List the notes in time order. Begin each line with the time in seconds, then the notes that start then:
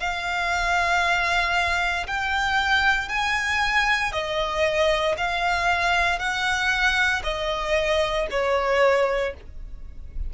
0.00 F5
2.07 G5
3.09 G#5
4.12 D#5
5.18 F5
6.19 F#5
7.24 D#5
8.31 C#5